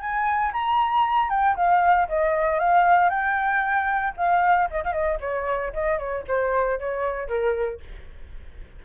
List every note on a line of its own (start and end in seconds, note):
0.00 0.52 G#5
0.53 1.29 A#5
1.29 1.56 G5
1.56 2.08 F5
2.08 2.59 D#5
2.59 3.10 F5
3.10 4.14 G5
4.17 4.69 F5
4.70 4.83 D#5
4.84 4.92 F5
4.92 5.18 D#5
5.21 5.73 C#5
5.73 5.98 D#5
5.98 6.24 C#5
6.28 6.79 C5
6.79 7.28 C#5
7.28 7.80 A#4